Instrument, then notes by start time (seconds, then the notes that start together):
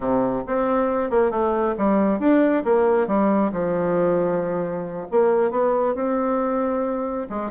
bassoon
0.00 C3
0.47 C4
1.10 A#3
1.30 A3
1.77 G3
2.19 D4
2.64 A#3
3.07 G3
3.52 F3
5.11 A#3
5.50 B3
5.95 C4
7.29 G#3